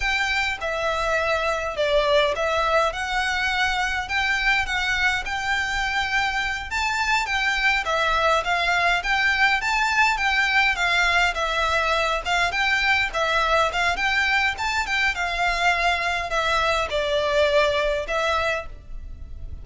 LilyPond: \new Staff \with { instrumentName = "violin" } { \time 4/4 \tempo 4 = 103 g''4 e''2 d''4 | e''4 fis''2 g''4 | fis''4 g''2~ g''8 a''8~ | a''8 g''4 e''4 f''4 g''8~ |
g''8 a''4 g''4 f''4 e''8~ | e''4 f''8 g''4 e''4 f''8 | g''4 a''8 g''8 f''2 | e''4 d''2 e''4 | }